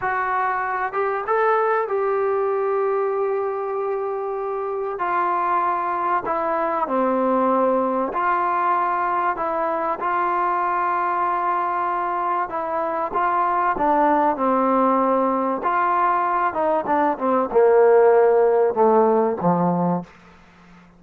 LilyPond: \new Staff \with { instrumentName = "trombone" } { \time 4/4 \tempo 4 = 96 fis'4. g'8 a'4 g'4~ | g'1 | f'2 e'4 c'4~ | c'4 f'2 e'4 |
f'1 | e'4 f'4 d'4 c'4~ | c'4 f'4. dis'8 d'8 c'8 | ais2 a4 f4 | }